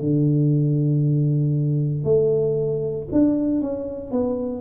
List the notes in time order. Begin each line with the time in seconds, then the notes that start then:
0.00 D3
2.04 A3
3.12 D4
3.61 C#4
4.11 B3